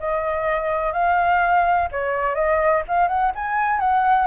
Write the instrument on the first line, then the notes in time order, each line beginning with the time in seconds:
flute
0.00 D#5
0.93 F5
1.92 C#5
2.35 D#5
2.88 F5
3.09 F#5
3.35 G#5
3.80 F#5